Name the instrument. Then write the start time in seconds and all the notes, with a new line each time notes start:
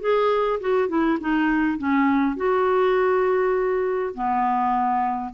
clarinet
0.00 G#4
0.60 F#4
0.89 E4
1.20 D#4
1.78 C#4
2.37 F#4
4.14 B3